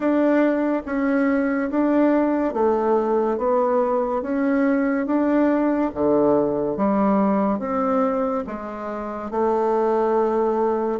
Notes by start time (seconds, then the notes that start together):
0.00 D4
0.85 C#4
1.70 D4
2.53 A3
3.37 B3
4.22 C#4
5.06 D4
5.94 D3
6.76 G3
7.59 C4
8.47 G#3
9.30 A3